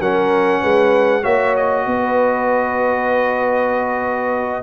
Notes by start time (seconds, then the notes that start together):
0.00 F#3 C#4 A#4 F#5
0.61 G#3 B4
1.22 A#3 F#4 C#5 E5
1.56 D#5
1.86 B3 B4